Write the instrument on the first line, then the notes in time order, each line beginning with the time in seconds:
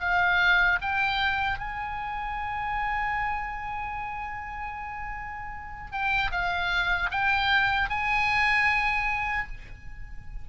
oboe
0.00 F5
0.81 G5
1.58 G#5
5.91 G5
6.31 F5
7.11 G5
7.89 G#5